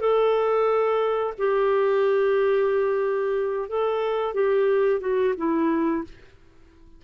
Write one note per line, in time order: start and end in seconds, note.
0.00 1.33 A4
1.38 3.68 G4
3.68 4.34 A4
4.34 5.00 G4
5.00 5.34 F#4
5.37 6.04 E4